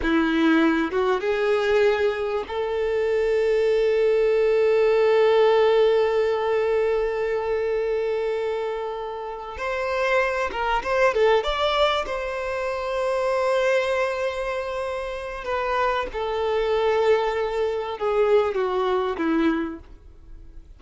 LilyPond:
\new Staff \with { instrumentName = "violin" } { \time 4/4 \tempo 4 = 97 e'4. fis'8 gis'2 | a'1~ | a'1~ | a'2.~ a'8 c''8~ |
c''4 ais'8 c''8 a'8 d''4 c''8~ | c''1~ | c''4 b'4 a'2~ | a'4 gis'4 fis'4 e'4 | }